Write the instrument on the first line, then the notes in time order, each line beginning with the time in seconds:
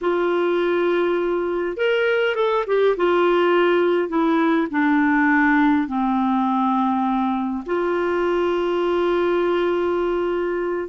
clarinet
0.01 F4
1.76 A#4
2.35 A4
2.66 G4
2.96 F4
4.08 E4
4.70 D4
5.87 C4
7.66 F4